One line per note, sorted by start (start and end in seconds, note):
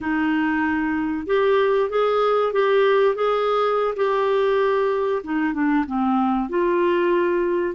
0.00 1.26 D#4
1.26 1.89 G4
1.89 2.53 G#4
2.53 3.15 G4
3.15 3.94 G#4
3.96 5.22 G4
5.23 5.53 D#4
5.53 5.85 D4
5.86 6.49 C4
6.49 7.74 F4